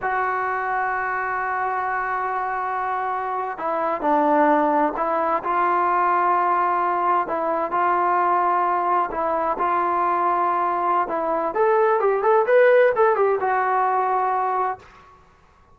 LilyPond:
\new Staff \with { instrumentName = "trombone" } { \time 4/4 \tempo 4 = 130 fis'1~ | fis'2.~ fis'8. e'16~ | e'8. d'2 e'4 f'16~ | f'2.~ f'8. e'16~ |
e'8. f'2. e'16~ | e'8. f'2.~ f'16 | e'4 a'4 g'8 a'8 b'4 | a'8 g'8 fis'2. | }